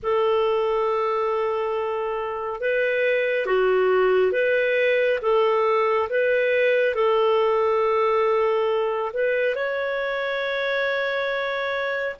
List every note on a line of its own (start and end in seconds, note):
0.02 2.60 A4
2.60 3.46 B4
3.46 4.32 F#4
4.32 5.19 B4
5.22 6.09 A4
6.09 6.94 B4
6.94 9.12 A4
9.13 9.55 B4
9.55 12.16 C#5